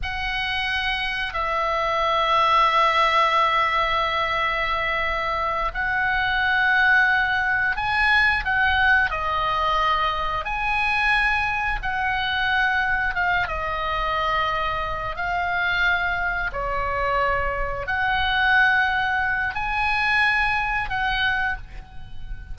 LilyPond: \new Staff \with { instrumentName = "oboe" } { \time 4/4 \tempo 4 = 89 fis''2 e''2~ | e''1~ | e''8 fis''2. gis''8~ | gis''8 fis''4 dis''2 gis''8~ |
gis''4. fis''2 f''8 | dis''2~ dis''8 f''4.~ | f''8 cis''2 fis''4.~ | fis''4 gis''2 fis''4 | }